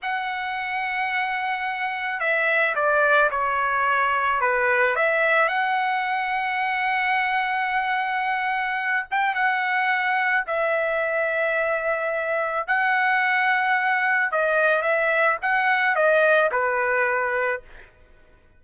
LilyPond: \new Staff \with { instrumentName = "trumpet" } { \time 4/4 \tempo 4 = 109 fis''1 | e''4 d''4 cis''2 | b'4 e''4 fis''2~ | fis''1~ |
fis''8 g''8 fis''2 e''4~ | e''2. fis''4~ | fis''2 dis''4 e''4 | fis''4 dis''4 b'2 | }